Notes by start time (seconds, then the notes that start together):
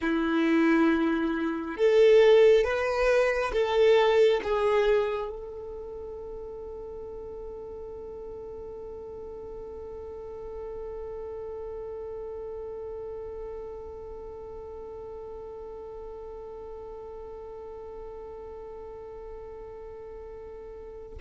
0.01 E4
1.76 A4
2.64 B4
3.52 A4
4.43 G#4
5.29 A4